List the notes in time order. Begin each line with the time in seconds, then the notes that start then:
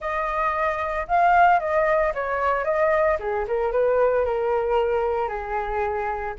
0.00 D#5
1.07 F5
1.59 D#5
2.14 C#5
2.64 D#5
3.19 G#4
3.47 A#4
3.72 B4
4.25 A#4
5.28 G#4